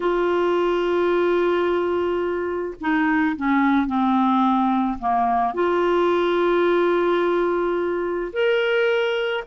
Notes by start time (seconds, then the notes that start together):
0.00 F4
2.80 D#4
3.36 C#4
3.87 C4
4.98 A#3
5.54 F4
8.32 A#4